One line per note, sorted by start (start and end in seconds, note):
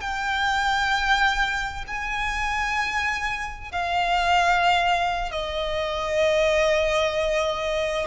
0.00 1.85 G5
1.87 3.71 G#5
3.71 5.31 F5
5.31 8.06 D#5